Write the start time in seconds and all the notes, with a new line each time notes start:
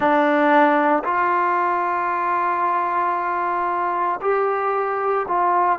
0.00 D4
1.04 F4
4.21 G4
5.28 F4